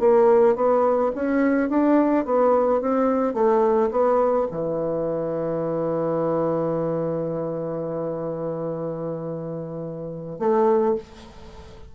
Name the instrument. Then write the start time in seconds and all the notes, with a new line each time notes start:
bassoon
0.00 A#3
0.56 B3
1.15 C#4
1.70 D4
2.26 B3
2.82 C4
3.34 A3
3.91 B3
4.52 E3
10.39 A3